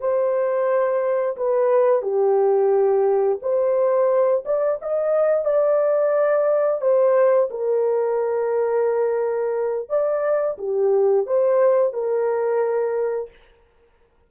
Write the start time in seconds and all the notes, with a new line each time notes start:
0.00 C5
1.37 B4
2.02 G4
3.42 C5
4.45 D5
4.81 D#5
5.45 D5
6.81 C5
7.50 A#4
9.89 D5
10.58 G4
11.27 C5
11.93 A#4